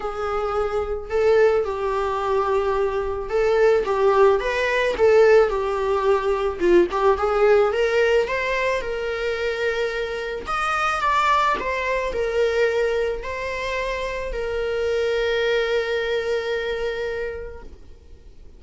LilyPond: \new Staff \with { instrumentName = "viola" } { \time 4/4 \tempo 4 = 109 gis'2 a'4 g'4~ | g'2 a'4 g'4 | b'4 a'4 g'2 | f'8 g'8 gis'4 ais'4 c''4 |
ais'2. dis''4 | d''4 c''4 ais'2 | c''2 ais'2~ | ais'1 | }